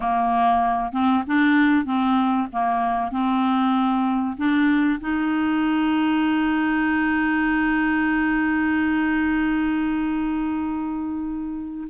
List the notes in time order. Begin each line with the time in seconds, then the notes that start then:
0.00 A#3
0.92 C4
1.26 D4
1.85 C4
2.52 A#3
3.11 C4
4.37 D4
5.00 D#4